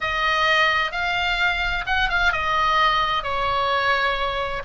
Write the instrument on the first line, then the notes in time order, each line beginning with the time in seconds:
oboe
0.00 D#5
0.91 F5
1.86 F#5
2.09 F5
2.32 D#5
3.23 C#5